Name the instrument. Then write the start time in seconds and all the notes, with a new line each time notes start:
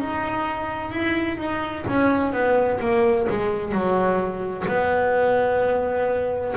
double bass
0.00 D#4
0.91 E4
1.38 D#4
1.88 C#4
2.33 B3
2.80 A#3
3.29 G#3
3.72 F#3
4.67 B3